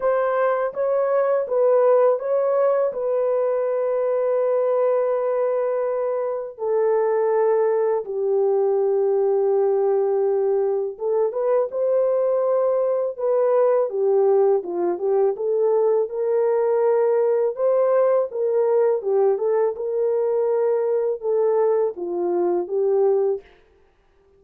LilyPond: \new Staff \with { instrumentName = "horn" } { \time 4/4 \tempo 4 = 82 c''4 cis''4 b'4 cis''4 | b'1~ | b'4 a'2 g'4~ | g'2. a'8 b'8 |
c''2 b'4 g'4 | f'8 g'8 a'4 ais'2 | c''4 ais'4 g'8 a'8 ais'4~ | ais'4 a'4 f'4 g'4 | }